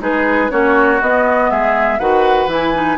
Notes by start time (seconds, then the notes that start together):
0.00 G#3 D#4 G#4 B4
0.50 A#3 C#4 F#4 C#5
1.01 B3 D#5
1.51 G#3 G#4 E5
1.99 D#3 F#4 B4 F#5
2.47 E3 E4 G#5
2.74 D#4